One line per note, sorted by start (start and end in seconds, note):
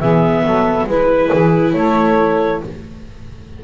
0.00 0.44 E3
0.00 0.90 B3
0.00 0.43 G#4
0.00 0.87 E5
0.44 0.87 F#3
0.44 0.88 A4
0.87 1.30 G#3
0.87 2.64 E4
0.87 1.30 B4
0.87 1.74 B4
1.30 1.75 E3
1.30 1.73 G#4
1.74 2.62 A3
1.74 2.64 A4
1.74 2.61 C#5